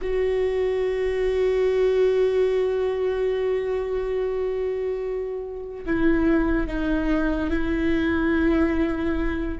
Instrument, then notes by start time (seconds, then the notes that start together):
viola
0.01 F#4
5.86 E4
6.67 D#4
7.50 E4